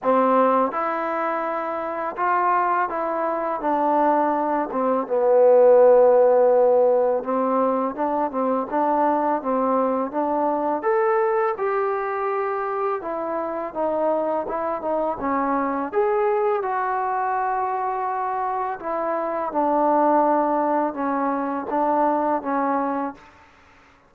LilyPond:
\new Staff \with { instrumentName = "trombone" } { \time 4/4 \tempo 4 = 83 c'4 e'2 f'4 | e'4 d'4. c'8 b4~ | b2 c'4 d'8 c'8 | d'4 c'4 d'4 a'4 |
g'2 e'4 dis'4 | e'8 dis'8 cis'4 gis'4 fis'4~ | fis'2 e'4 d'4~ | d'4 cis'4 d'4 cis'4 | }